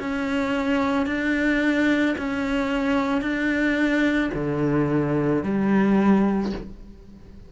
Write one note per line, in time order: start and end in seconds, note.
0.00 1.07 C#4
1.07 2.16 D4
2.18 3.22 C#4
3.22 4.31 D4
4.34 5.43 D3
5.43 6.53 G3